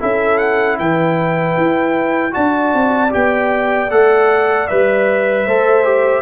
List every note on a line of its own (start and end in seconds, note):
0.00 0.80 C#4
0.00 2.31 E4
0.00 0.78 A4
0.00 0.38 E5
0.38 0.77 F#5
0.79 1.57 E3
0.79 2.34 B4
0.79 2.34 G5
1.57 2.35 E4
2.31 2.74 D4
2.31 3.09 F#4
2.31 5.45 D5
2.31 3.12 A5
2.74 3.13 C4
3.10 3.91 B3
3.10 3.88 G4
3.10 3.91 G5
3.91 4.69 A3
3.91 4.69 A4
3.91 4.68 F#5
4.68 5.46 G3
4.68 5.47 B4
4.68 6.22 E5
5.45 6.22 A3
5.45 5.84 A4
5.45 6.22 C5
5.84 6.22 G4